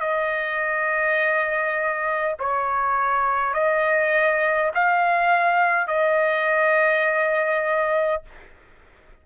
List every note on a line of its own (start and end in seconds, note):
0.00 2.35 D#5
2.40 3.53 C#5
3.53 4.71 D#5
4.74 5.87 F5
5.87 8.22 D#5